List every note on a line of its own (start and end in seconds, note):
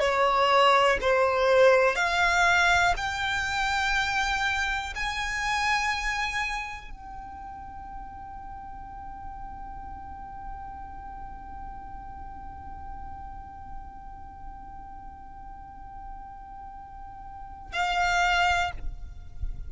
0.00 0.98 C#5
1.01 1.96 C5
1.96 2.94 F5
2.97 4.94 G5
4.96 6.91 G#5
6.91 17.73 G5
17.73 18.72 F5